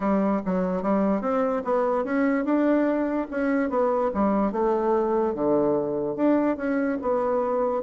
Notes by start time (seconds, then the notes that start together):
0.00 G3
0.45 F#3
0.82 G3
1.21 C4
1.64 B3
2.04 C#4
2.45 D4
3.30 C#4
3.69 B3
4.14 G3
4.52 A3
5.34 D3
6.16 D4
6.56 C#4
7.01 B3